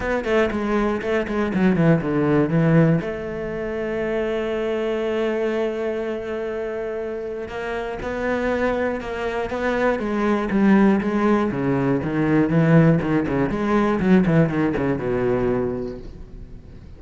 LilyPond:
\new Staff \with { instrumentName = "cello" } { \time 4/4 \tempo 4 = 120 b8 a8 gis4 a8 gis8 fis8 e8 | d4 e4 a2~ | a1~ | a2. ais4 |
b2 ais4 b4 | gis4 g4 gis4 cis4 | dis4 e4 dis8 cis8 gis4 | fis8 e8 dis8 cis8 b,2 | }